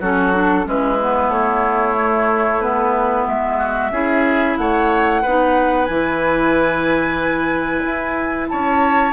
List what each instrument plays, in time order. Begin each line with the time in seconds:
0.00 bassoon F#3, clarinet C#4, oboe F#4, flute A4
0.33 clarinet D4
0.64 bassoon G#3, clarinet C#4, oboe E4, flute B4
1.01 clarinet B3
1.28 bassoon A3, flute C#5
1.96 clarinet A3
2.61 clarinet B3, flute B4
3.27 bassoon G#3, flute E5
3.58 oboe F#4
3.91 bassoon C#4, clarinet E4, oboe G#4
4.57 bassoon A3, oboe C#5, flute F#5
5.22 bassoon B3, clarinet D#4, oboe B4
5.85 bassoon E3, clarinet E4, flute G#5
7.84 bassoon E4
8.49 bassoon C#4, oboe C#5, flute A5